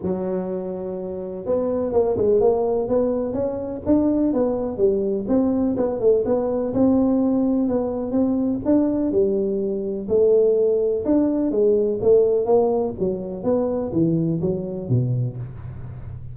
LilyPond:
\new Staff \with { instrumentName = "tuba" } { \time 4/4 \tempo 4 = 125 fis2. b4 | ais8 gis8 ais4 b4 cis'4 | d'4 b4 g4 c'4 | b8 a8 b4 c'2 |
b4 c'4 d'4 g4~ | g4 a2 d'4 | gis4 a4 ais4 fis4 | b4 e4 fis4 b,4 | }